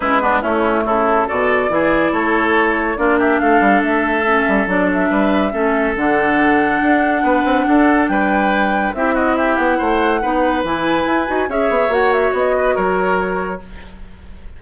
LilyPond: <<
  \new Staff \with { instrumentName = "flute" } { \time 4/4 \tempo 4 = 141 b'4 e'4 a'4 d''4~ | d''4 cis''2 d''8 e''8 | f''4 e''2 d''8 e''8~ | e''2 fis''2~ |
fis''2. g''4~ | g''4 e''8 dis''8 e''8 fis''4.~ | fis''4 gis''2 e''4 | fis''8 e''8 dis''4 cis''2 | }
  \new Staff \with { instrumentName = "oboe" } { \time 4/4 e'8 d'8 cis'4 e'4 a'4 | gis'4 a'2 f'8 g'8 | a'1 | b'4 a'2.~ |
a'4 b'4 a'4 b'4~ | b'4 g'8 fis'8 g'4 c''4 | b'2. cis''4~ | cis''4. b'8 ais'2 | }
  \new Staff \with { instrumentName = "clarinet" } { \time 4/4 cis'8 b8 a2 fis'4 | e'2. d'4~ | d'2 cis'4 d'4~ | d'4 cis'4 d'2~ |
d'1~ | d'4 e'2. | dis'4 e'4. fis'8 gis'4 | fis'1 | }
  \new Staff \with { instrumentName = "bassoon" } { \time 4/4 gis4 a4 cis4 b,4 | e4 a2 ais4 | a8 g8 a4. g8 fis4 | g4 a4 d2 |
d'4 b8 c'8 d'4 g4~ | g4 c'4. b8 a4 | b4 e4 e'8 dis'8 cis'8 b8 | ais4 b4 fis2 | }
>>